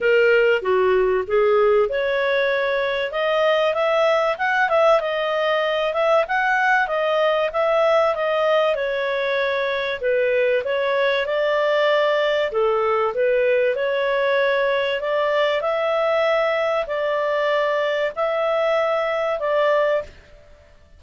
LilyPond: \new Staff \with { instrumentName = "clarinet" } { \time 4/4 \tempo 4 = 96 ais'4 fis'4 gis'4 cis''4~ | cis''4 dis''4 e''4 fis''8 e''8 | dis''4. e''8 fis''4 dis''4 | e''4 dis''4 cis''2 |
b'4 cis''4 d''2 | a'4 b'4 cis''2 | d''4 e''2 d''4~ | d''4 e''2 d''4 | }